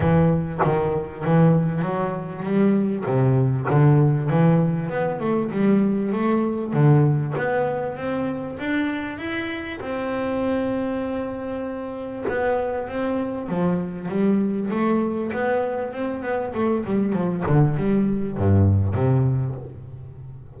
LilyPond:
\new Staff \with { instrumentName = "double bass" } { \time 4/4 \tempo 4 = 98 e4 dis4 e4 fis4 | g4 c4 d4 e4 | b8 a8 g4 a4 d4 | b4 c'4 d'4 e'4 |
c'1 | b4 c'4 f4 g4 | a4 b4 c'8 b8 a8 g8 | f8 d8 g4 g,4 c4 | }